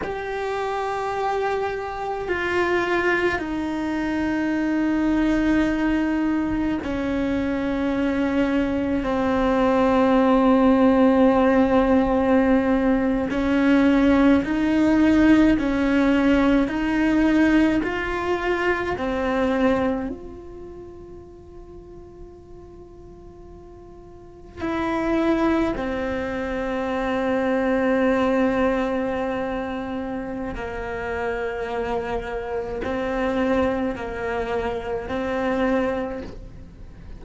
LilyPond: \new Staff \with { instrumentName = "cello" } { \time 4/4 \tempo 4 = 53 g'2 f'4 dis'4~ | dis'2 cis'2 | c'2.~ c'8. cis'16~ | cis'8. dis'4 cis'4 dis'4 f'16~ |
f'8. c'4 f'2~ f'16~ | f'4.~ f'16 e'4 c'4~ c'16~ | c'2. ais4~ | ais4 c'4 ais4 c'4 | }